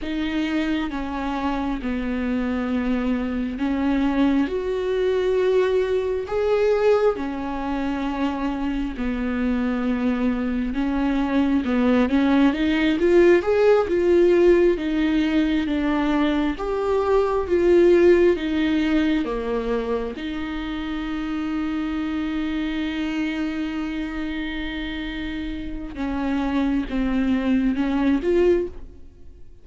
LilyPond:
\new Staff \with { instrumentName = "viola" } { \time 4/4 \tempo 4 = 67 dis'4 cis'4 b2 | cis'4 fis'2 gis'4 | cis'2 b2 | cis'4 b8 cis'8 dis'8 f'8 gis'8 f'8~ |
f'8 dis'4 d'4 g'4 f'8~ | f'8 dis'4 ais4 dis'4.~ | dis'1~ | dis'4 cis'4 c'4 cis'8 f'8 | }